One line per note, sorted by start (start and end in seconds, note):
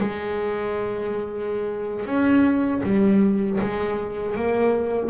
0.00 2.06 G#3
2.06 2.82 C#4
2.83 3.59 G3
3.61 4.36 G#3
4.36 5.10 A#3